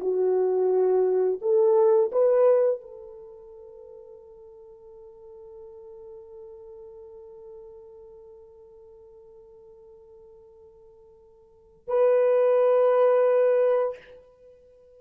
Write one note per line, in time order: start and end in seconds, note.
0.00 1.40 F#4
1.41 2.11 A4
2.12 2.81 B4
2.81 11.88 A4
11.88 13.97 B4